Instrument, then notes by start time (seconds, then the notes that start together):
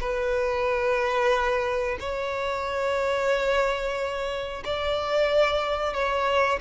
violin
0.00 B4
2.00 C#5
4.65 D5
5.93 C#5